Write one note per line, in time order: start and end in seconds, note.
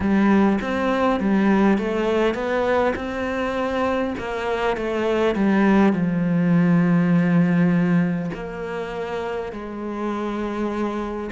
0.00 0.59 G3
0.61 1.19 C4
1.19 1.78 G3
1.78 2.34 A3
2.34 2.93 B3
2.95 4.14 C4
4.18 4.77 A#3
4.77 5.35 A3
5.35 5.92 G3
5.92 8.30 F3
8.34 9.52 A#3
9.52 11.30 G#3